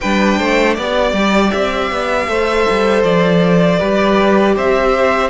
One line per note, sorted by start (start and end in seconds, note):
0.00 0.39 G3
0.00 0.78 D4
0.00 0.38 B4
0.00 0.74 G5
0.38 0.77 A3
0.38 0.76 C5
0.74 1.12 B3
0.74 2.27 G4
0.74 1.50 D5
0.74 2.28 D5
1.12 1.50 G3
1.50 1.91 C4
1.50 3.02 E5
1.91 2.27 B3
2.27 2.65 A3
2.27 3.78 A4
2.27 3.79 C5
2.70 3.03 G3
3.03 3.79 F3
3.03 4.55 D5
3.78 4.56 G3
3.78 5.30 G4
3.78 4.55 B4
4.56 5.30 C4
4.56 5.30 C5
4.56 5.30 E5